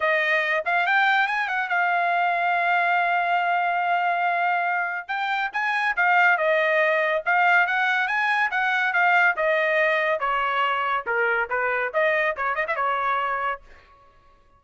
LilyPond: \new Staff \with { instrumentName = "trumpet" } { \time 4/4 \tempo 4 = 141 dis''4. f''8 g''4 gis''8 fis''8 | f''1~ | f''1 | g''4 gis''4 f''4 dis''4~ |
dis''4 f''4 fis''4 gis''4 | fis''4 f''4 dis''2 | cis''2 ais'4 b'4 | dis''4 cis''8 dis''16 e''16 cis''2 | }